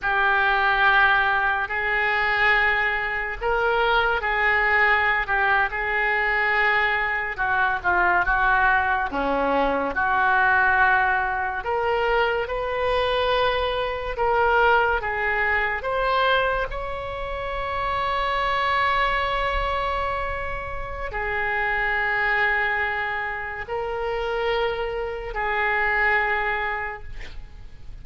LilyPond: \new Staff \with { instrumentName = "oboe" } { \time 4/4 \tempo 4 = 71 g'2 gis'2 | ais'4 gis'4~ gis'16 g'8 gis'4~ gis'16~ | gis'8. fis'8 f'8 fis'4 cis'4 fis'16~ | fis'4.~ fis'16 ais'4 b'4~ b'16~ |
b'8. ais'4 gis'4 c''4 cis''16~ | cis''1~ | cis''4 gis'2. | ais'2 gis'2 | }